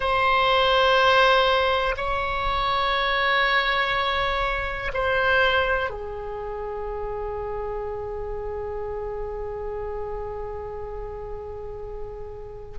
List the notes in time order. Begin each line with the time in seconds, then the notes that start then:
0.00 C5
1.96 C#5
4.93 C5
5.90 G#4